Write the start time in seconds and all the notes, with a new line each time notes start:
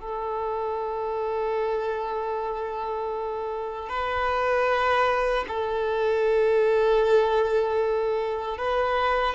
0.00 A4
3.89 B4
5.48 A4
8.58 B4